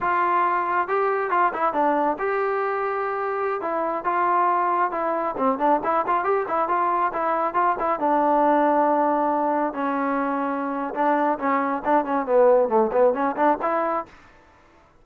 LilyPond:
\new Staff \with { instrumentName = "trombone" } { \time 4/4 \tempo 4 = 137 f'2 g'4 f'8 e'8 | d'4 g'2.~ | g'16 e'4 f'2 e'8.~ | e'16 c'8 d'8 e'8 f'8 g'8 e'8 f'8.~ |
f'16 e'4 f'8 e'8 d'4.~ d'16~ | d'2~ d'16 cis'4.~ cis'16~ | cis'4 d'4 cis'4 d'8 cis'8 | b4 a8 b8 cis'8 d'8 e'4 | }